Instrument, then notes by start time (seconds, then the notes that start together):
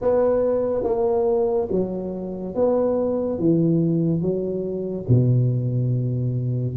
tuba
0.01 B3
0.83 A#3
1.71 F#3
2.55 B3
3.38 E3
4.21 F#3
5.08 B2